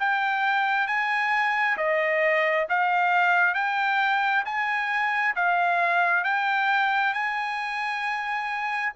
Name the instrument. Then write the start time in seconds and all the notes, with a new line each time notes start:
trumpet
0.00 G5
0.88 G#5
1.77 D#5
2.70 F5
3.55 G5
4.45 G#5
5.36 F5
6.24 G5
7.14 G#5